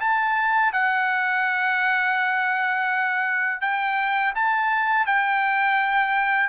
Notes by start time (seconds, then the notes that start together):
0.00 A5
0.73 F#5
3.61 G5
4.35 A5
5.06 G5